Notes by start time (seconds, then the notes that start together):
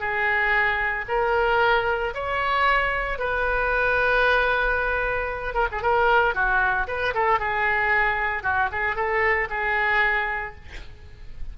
0.00 G#4
1.08 A#4
2.15 C#5
3.19 B4
5.54 A#4
5.72 G#4
5.82 A#4
6.35 F#4
6.88 B4
7.14 A4
7.40 G#4
8.43 F#4
8.72 G#4
8.96 A4
9.50 G#4